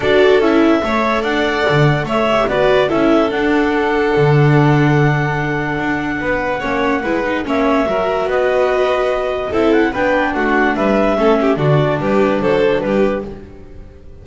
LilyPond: <<
  \new Staff \with { instrumentName = "clarinet" } { \time 4/4 \tempo 4 = 145 d''4 e''2 fis''4~ | fis''4 e''4 d''4 e''4 | fis''1~ | fis''1~ |
fis''2 e''2 | dis''2. e''8 fis''8 | g''4 fis''4 e''2 | d''4 b'4 c''4 b'4 | }
  \new Staff \with { instrumentName = "violin" } { \time 4/4 a'2 cis''4 d''4~ | d''4 cis''4 b'4 a'4~ | a'1~ | a'2. b'4 |
cis''4 b'4 cis''4 ais'4 | b'2. a'4 | b'4 fis'4 b'4 a'8 g'8 | fis'4 g'4 a'4 g'4 | }
  \new Staff \with { instrumentName = "viola" } { \time 4/4 fis'4 e'4 a'2~ | a'4. g'8 fis'4 e'4 | d'1~ | d'1 |
cis'4 e'8 dis'8 cis'4 fis'4~ | fis'2. e'4 | d'2. cis'4 | d'1 | }
  \new Staff \with { instrumentName = "double bass" } { \time 4/4 d'4 cis'4 a4 d'4 | d4 a4 b4 cis'4 | d'2 d2~ | d2 d'4 b4 |
ais4 gis4 ais4 fis4 | b2. c'4 | b4 a4 g4 a4 | d4 g4 fis4 g4 | }
>>